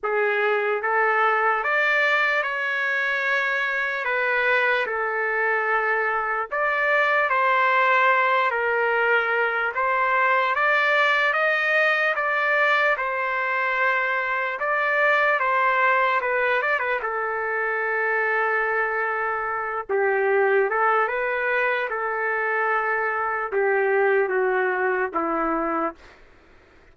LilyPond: \new Staff \with { instrumentName = "trumpet" } { \time 4/4 \tempo 4 = 74 gis'4 a'4 d''4 cis''4~ | cis''4 b'4 a'2 | d''4 c''4. ais'4. | c''4 d''4 dis''4 d''4 |
c''2 d''4 c''4 | b'8 d''16 b'16 a'2.~ | a'8 g'4 a'8 b'4 a'4~ | a'4 g'4 fis'4 e'4 | }